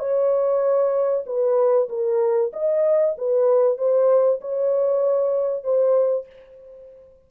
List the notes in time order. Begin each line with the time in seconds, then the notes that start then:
0.00 C#5
1.27 B4
1.89 A#4
2.54 D#5
3.18 B4
3.78 C5
4.41 C#5
5.64 C5